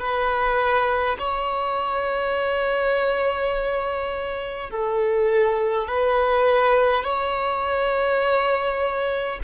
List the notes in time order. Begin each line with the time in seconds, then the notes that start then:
0.00 B4
1.19 C#5
4.71 A4
5.88 B4
7.04 C#5